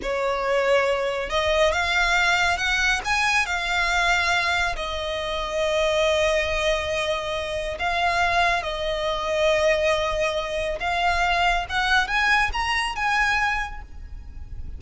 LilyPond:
\new Staff \with { instrumentName = "violin" } { \time 4/4 \tempo 4 = 139 cis''2. dis''4 | f''2 fis''4 gis''4 | f''2. dis''4~ | dis''1~ |
dis''2 f''2 | dis''1~ | dis''4 f''2 fis''4 | gis''4 ais''4 gis''2 | }